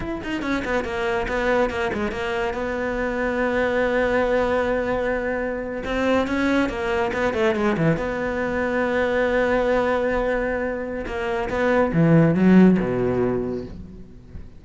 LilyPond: \new Staff \with { instrumentName = "cello" } { \time 4/4 \tempo 4 = 141 e'8 dis'8 cis'8 b8 ais4 b4 | ais8 gis8 ais4 b2~ | b1~ | b4.~ b16 c'4 cis'4 ais16~ |
ais8. b8 a8 gis8 e8 b4~ b16~ | b1~ | b2 ais4 b4 | e4 fis4 b,2 | }